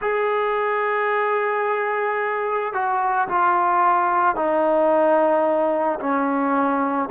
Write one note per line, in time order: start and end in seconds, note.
0.01 2.73 G#4
2.73 3.27 F#4
3.28 4.35 F4
4.35 5.99 D#4
6.00 7.09 C#4